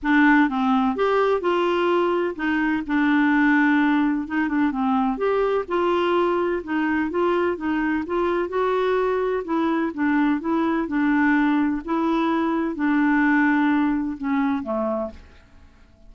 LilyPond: \new Staff \with { instrumentName = "clarinet" } { \time 4/4 \tempo 4 = 127 d'4 c'4 g'4 f'4~ | f'4 dis'4 d'2~ | d'4 dis'8 d'8 c'4 g'4 | f'2 dis'4 f'4 |
dis'4 f'4 fis'2 | e'4 d'4 e'4 d'4~ | d'4 e'2 d'4~ | d'2 cis'4 a4 | }